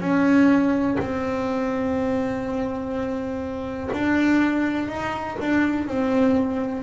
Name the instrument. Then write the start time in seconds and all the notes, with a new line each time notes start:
double bass
0.00 C#4
0.99 C4
3.93 D4
4.88 D#4
5.40 D4
5.87 C4